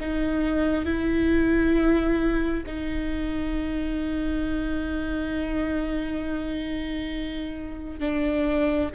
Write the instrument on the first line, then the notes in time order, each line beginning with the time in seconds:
viola
0.00 D#4
0.85 E4
2.66 D#4
7.99 D4